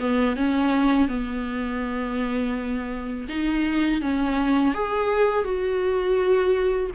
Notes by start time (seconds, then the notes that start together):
0.00 B3
0.37 C#4
1.08 B3
3.29 D#4
4.01 C#4
4.75 G#4
5.44 F#4